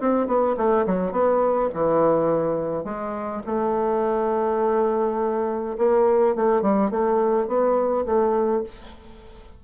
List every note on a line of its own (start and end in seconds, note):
0.00 0.27 C4
0.27 0.56 B3
0.57 0.85 A3
0.86 1.11 F#3
1.11 1.69 B3
1.74 2.84 E3
2.84 3.42 G#3
3.46 5.77 A3
5.78 6.35 A#3
6.35 6.62 A3
6.62 6.90 G3
6.90 7.47 A3
7.47 8.05 B3
8.05 8.63 A3